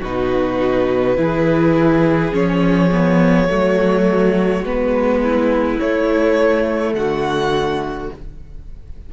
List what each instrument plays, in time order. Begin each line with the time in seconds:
0.00 cello B2, viola D#4, violin F#4 B4
1.17 cello E3, viola E4, violin G#4
2.32 cello F3, viola C#4, violin C#5
2.92 viola B3
3.49 cello F#3, viola A3, violin F#4
4.62 cello G#3, viola B3, violin B4
5.22 violin E4
5.80 viola A3, cello A3, violin C#5
6.94 cello D3, violin F#4 F#5